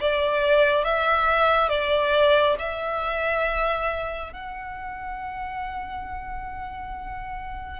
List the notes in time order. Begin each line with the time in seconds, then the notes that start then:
0.00 D5
0.84 E5
1.68 D5
2.58 E5
4.32 F#5